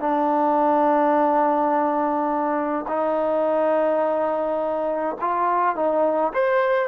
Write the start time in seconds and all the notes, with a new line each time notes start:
0.00 D4
2.88 D#4
5.21 F4
5.76 D#4
6.34 C5